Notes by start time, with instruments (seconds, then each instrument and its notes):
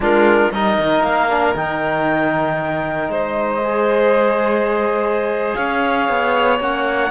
0.00 cello G#3, trombone D4, violin F4, clarinet A#4
0.51 cello G3, trombone D#4, violin A#4, clarinet D#5
0.78 cello D#3
1.02 cello A#3, clarinet F5
1.29 trombone D4
1.55 cello D#3, trombone D#4, clarinet G5
3.08 cello G#3, violin C5, clarinet D#5
3.62 trombone G#4
5.54 cello C#4, violin C#5, clarinet F5
6.09 cello B3
6.59 cello A#3, trombone C#4, clarinet F#5